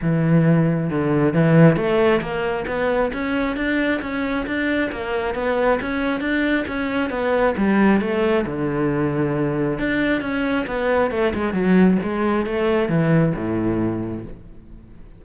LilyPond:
\new Staff \with { instrumentName = "cello" } { \time 4/4 \tempo 4 = 135 e2 d4 e4 | a4 ais4 b4 cis'4 | d'4 cis'4 d'4 ais4 | b4 cis'4 d'4 cis'4 |
b4 g4 a4 d4~ | d2 d'4 cis'4 | b4 a8 gis8 fis4 gis4 | a4 e4 a,2 | }